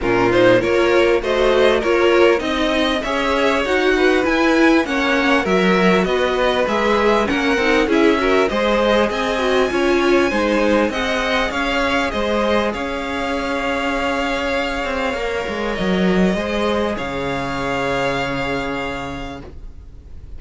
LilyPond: <<
  \new Staff \with { instrumentName = "violin" } { \time 4/4 \tempo 4 = 99 ais'8 c''8 cis''4 dis''4 cis''4 | dis''4 e''4 fis''4 gis''4 | fis''4 e''4 dis''4 e''4 | fis''4 e''4 dis''4 gis''4~ |
gis''2 fis''4 f''4 | dis''4 f''2.~ | f''2 dis''2 | f''1 | }
  \new Staff \with { instrumentName = "violin" } { \time 4/4 f'4 ais'4 c''4 ais'4 | dis''4 cis''4. b'4. | cis''4 ais'4 b'2 | ais'4 gis'8 ais'8 c''4 dis''4 |
cis''4 c''4 dis''4 cis''4 | c''4 cis''2.~ | cis''2. c''4 | cis''1 | }
  \new Staff \with { instrumentName = "viola" } { \time 4/4 cis'8 dis'8 f'4 fis'4 f'4 | dis'4 gis'4 fis'4 e'4 | cis'4 fis'2 gis'4 | cis'8 dis'8 e'8 fis'8 gis'4. fis'8 |
f'4 dis'4 gis'2~ | gis'1~ | gis'4 ais'2 gis'4~ | gis'1 | }
  \new Staff \with { instrumentName = "cello" } { \time 4/4 ais,4 ais4 a4 ais4 | c'4 cis'4 dis'4 e'4 | ais4 fis4 b4 gis4 | ais8 c'8 cis'4 gis4 c'4 |
cis'4 gis4 c'4 cis'4 | gis4 cis'2.~ | cis'8 c'8 ais8 gis8 fis4 gis4 | cis1 | }
>>